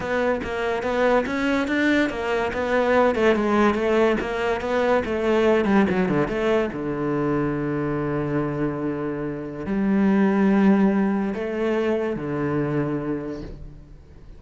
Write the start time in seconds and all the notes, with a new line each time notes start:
0.00 B3
0.43 A#3
0.82 B3
1.26 C#4
1.67 D4
2.09 A#3
2.53 B3
3.15 A3
3.35 G#3
3.74 A3
4.20 A#3
4.60 B3
5.05 A3
5.65 G3
5.89 F#3
6.08 D3
6.27 A3
6.72 D3
9.66 G3
11.34 A3
12.16 D3